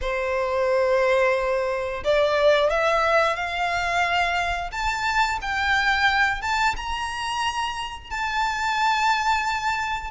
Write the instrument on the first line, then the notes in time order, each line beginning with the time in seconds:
violin
0.01 C5
2.04 D5
2.70 E5
3.36 F5
4.71 A5
5.41 G5
6.41 A5
6.76 A#5
8.10 A5